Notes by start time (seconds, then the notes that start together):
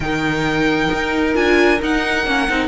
0.00 D#3 D#4 A#4 G5
0.92 D#4
1.34 D4 F4 G#5
1.81 D#4 F#5
2.25 A#3 C#4
2.48 C4 D#4